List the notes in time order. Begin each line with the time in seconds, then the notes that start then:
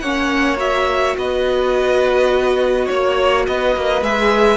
0.00 A#3 C#4 C#5 F#5
0.57 F#4 E5
1.17 B3 B4 D#5
2.86 A#3 C#5
3.47 B3 B4 D#5
3.76 A#3
4.02 G#3 G#4 E5